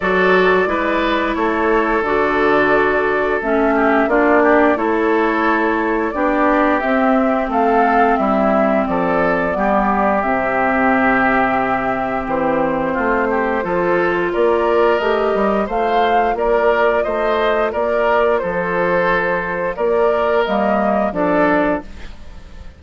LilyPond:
<<
  \new Staff \with { instrumentName = "flute" } { \time 4/4 \tempo 4 = 88 d''2 cis''4 d''4~ | d''4 e''4 d''4 cis''4~ | cis''4 d''4 e''4 f''4 | e''4 d''2 e''4~ |
e''2 c''2~ | c''4 d''4 dis''4 f''4 | d''4 dis''4 d''4 c''4~ | c''4 d''4 dis''4 d''4 | }
  \new Staff \with { instrumentName = "oboe" } { \time 4/4 a'4 b'4 a'2~ | a'4. g'8 f'8 g'8 a'4~ | a'4 g'2 a'4 | e'4 a'4 g'2~ |
g'2. f'8 g'8 | a'4 ais'2 c''4 | ais'4 c''4 ais'4 a'4~ | a'4 ais'2 a'4 | }
  \new Staff \with { instrumentName = "clarinet" } { \time 4/4 fis'4 e'2 fis'4~ | fis'4 cis'4 d'4 e'4~ | e'4 d'4 c'2~ | c'2 b4 c'4~ |
c'1 | f'2 g'4 f'4~ | f'1~ | f'2 ais4 d'4 | }
  \new Staff \with { instrumentName = "bassoon" } { \time 4/4 fis4 gis4 a4 d4~ | d4 a4 ais4 a4~ | a4 b4 c'4 a4 | g4 f4 g4 c4~ |
c2 e4 a4 | f4 ais4 a8 g8 a4 | ais4 a4 ais4 f4~ | f4 ais4 g4 f4 | }
>>